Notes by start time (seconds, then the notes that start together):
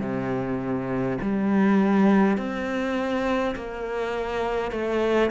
0.00 C3
1.21 G3
2.37 C4
3.55 A#3
4.71 A3